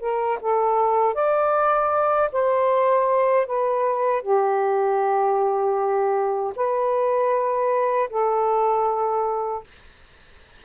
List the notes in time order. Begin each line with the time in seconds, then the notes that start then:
0.00 A#4
0.41 A4
1.14 D5
2.32 C5
3.47 B4
4.22 G4
6.56 B4
8.10 A4